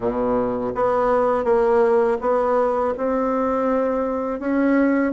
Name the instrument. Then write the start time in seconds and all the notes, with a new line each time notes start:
bassoon
0.00 B2
0.75 B3
1.44 A#3
2.20 B3
2.97 C4
4.39 C#4